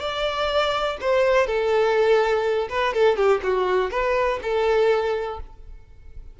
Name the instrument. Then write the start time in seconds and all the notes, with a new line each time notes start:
violin
0.00 D5
1.01 C5
1.47 A4
2.69 B4
2.93 A4
3.16 G4
3.43 F#4
3.90 B4
4.42 A4